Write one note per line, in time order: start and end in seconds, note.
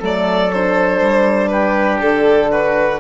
0.00 1.02 F#3
0.00 0.51 A3
0.00 1.50 A4
0.00 0.53 D5
0.53 3.00 D4
0.53 1.49 C5
1.02 2.02 G3
1.49 2.51 G4
1.49 1.99 B4
2.02 3.00 D3
2.02 2.52 A4
2.51 3.00 F#4
2.51 3.00 B4